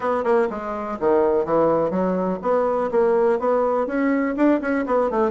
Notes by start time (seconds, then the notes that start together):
0.00 B3
0.24 A#3
0.49 G#3
0.99 D#3
1.45 E3
1.90 F#3
2.41 B3
2.91 A#3
3.39 B3
3.86 C#4
4.36 D4
4.61 C#4
4.86 B3
5.10 A3